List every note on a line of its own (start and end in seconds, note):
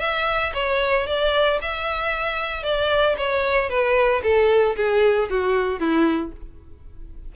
0.00 0.53 E5
0.54 1.06 C#5
1.07 1.60 D5
1.61 2.63 E5
2.63 3.16 D5
3.18 3.69 C#5
3.69 4.22 B4
4.23 4.76 A4
4.76 5.29 G#4
5.30 5.79 F#4
5.79 6.32 E4